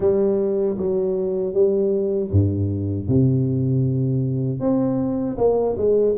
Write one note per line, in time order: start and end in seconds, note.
0.00 0.77 G3
0.77 1.53 F#3
1.53 2.30 G3
2.31 3.08 G2
3.08 4.60 C3
4.60 5.37 C4
5.37 5.76 A#3
5.77 6.15 G#3